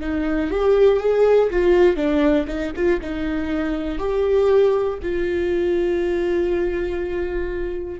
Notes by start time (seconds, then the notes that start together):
0.00 D#4
0.50 G4
1.00 G#4
1.50 F4
1.96 D4
2.47 D#4
2.75 F4
3.01 D#4
3.99 G4
5.02 F4